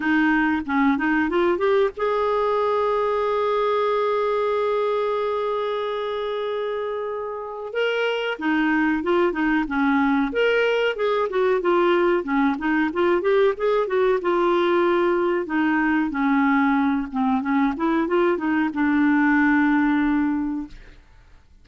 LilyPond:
\new Staff \with { instrumentName = "clarinet" } { \time 4/4 \tempo 4 = 93 dis'4 cis'8 dis'8 f'8 g'8 gis'4~ | gis'1~ | gis'1 | ais'4 dis'4 f'8 dis'8 cis'4 |
ais'4 gis'8 fis'8 f'4 cis'8 dis'8 | f'8 g'8 gis'8 fis'8 f'2 | dis'4 cis'4. c'8 cis'8 e'8 | f'8 dis'8 d'2. | }